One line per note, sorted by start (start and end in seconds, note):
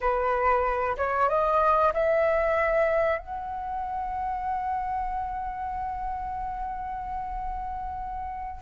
0.00 0.96 B4
0.97 1.29 C#5
1.29 1.93 D#5
1.93 3.18 E5
3.18 8.61 F#5